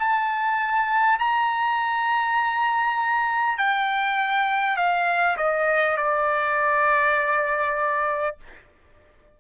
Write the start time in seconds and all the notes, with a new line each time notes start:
0.00 A5
1.19 A#5
3.58 G5
4.77 F5
5.38 D#5
5.98 D5